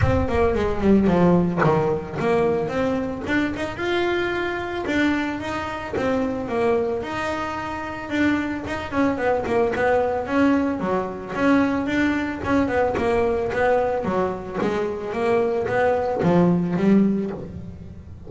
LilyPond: \new Staff \with { instrumentName = "double bass" } { \time 4/4 \tempo 4 = 111 c'8 ais8 gis8 g8 f4 dis4 | ais4 c'4 d'8 dis'8 f'4~ | f'4 d'4 dis'4 c'4 | ais4 dis'2 d'4 |
dis'8 cis'8 b8 ais8 b4 cis'4 | fis4 cis'4 d'4 cis'8 b8 | ais4 b4 fis4 gis4 | ais4 b4 f4 g4 | }